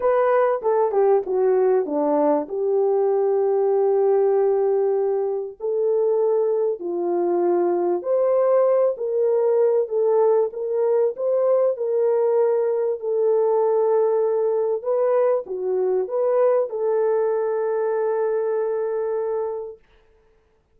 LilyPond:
\new Staff \with { instrumentName = "horn" } { \time 4/4 \tempo 4 = 97 b'4 a'8 g'8 fis'4 d'4 | g'1~ | g'4 a'2 f'4~ | f'4 c''4. ais'4. |
a'4 ais'4 c''4 ais'4~ | ais'4 a'2. | b'4 fis'4 b'4 a'4~ | a'1 | }